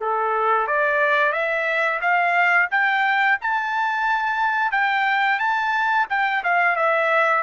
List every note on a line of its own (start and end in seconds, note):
0.00 0.67 A4
0.67 1.32 D5
1.32 1.99 E5
2.01 2.68 F5
2.70 3.38 G5
3.40 4.71 A5
4.71 5.39 G5
5.39 6.06 A5
6.09 6.43 G5
6.43 6.75 F5
6.75 7.43 E5